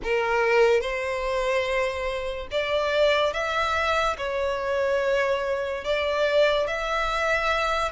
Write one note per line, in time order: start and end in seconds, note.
0.03 0.80 A#4
0.80 2.47 C5
2.51 3.33 D5
3.33 4.16 E5
4.17 5.84 C#5
5.84 6.67 D5
6.67 7.92 E5